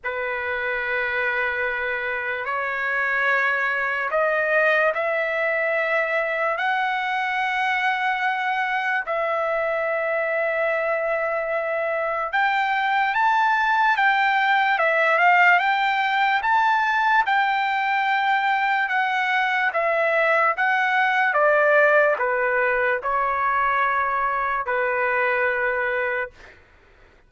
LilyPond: \new Staff \with { instrumentName = "trumpet" } { \time 4/4 \tempo 4 = 73 b'2. cis''4~ | cis''4 dis''4 e''2 | fis''2. e''4~ | e''2. g''4 |
a''4 g''4 e''8 f''8 g''4 | a''4 g''2 fis''4 | e''4 fis''4 d''4 b'4 | cis''2 b'2 | }